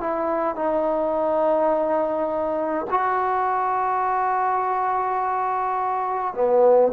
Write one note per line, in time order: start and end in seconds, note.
0.00 0.55 E4
0.55 2.86 D#4
2.90 6.34 F#4
6.34 6.92 B3